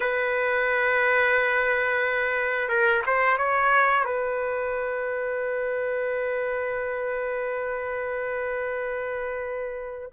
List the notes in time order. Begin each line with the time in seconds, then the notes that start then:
0.00 B4
2.68 A#4
3.06 C5
3.37 C#5
4.04 B4